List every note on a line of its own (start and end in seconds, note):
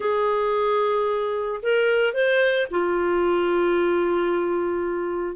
0.00 1.60 G#4
1.62 2.13 A#4
2.13 2.67 C5
2.70 5.36 F4